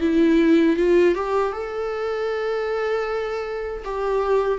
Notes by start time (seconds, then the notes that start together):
0.00 E4
0.76 F4
1.14 G4
1.52 A4
3.84 G4